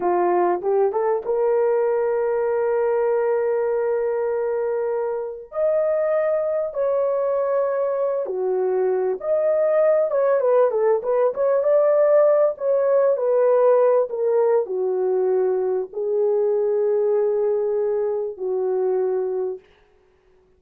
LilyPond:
\new Staff \with { instrumentName = "horn" } { \time 4/4 \tempo 4 = 98 f'4 g'8 a'8 ais'2~ | ais'1~ | ais'4 dis''2 cis''4~ | cis''4. fis'4. dis''4~ |
dis''8 cis''8 b'8 a'8 b'8 cis''8 d''4~ | d''8 cis''4 b'4. ais'4 | fis'2 gis'2~ | gis'2 fis'2 | }